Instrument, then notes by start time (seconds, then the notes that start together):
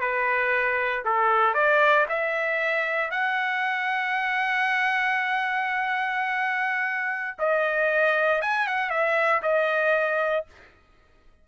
trumpet
0.00 B4
1.05 A4
1.54 D5
2.09 E5
3.11 F#5
7.38 D#5
8.41 G#5
8.67 F#5
8.90 E5
9.42 D#5